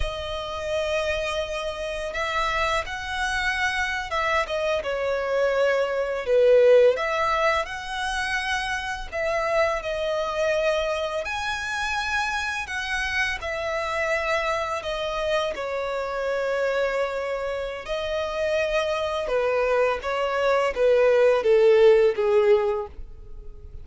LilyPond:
\new Staff \with { instrumentName = "violin" } { \time 4/4 \tempo 4 = 84 dis''2. e''4 | fis''4.~ fis''16 e''8 dis''8 cis''4~ cis''16~ | cis''8. b'4 e''4 fis''4~ fis''16~ | fis''8. e''4 dis''2 gis''16~ |
gis''4.~ gis''16 fis''4 e''4~ e''16~ | e''8. dis''4 cis''2~ cis''16~ | cis''4 dis''2 b'4 | cis''4 b'4 a'4 gis'4 | }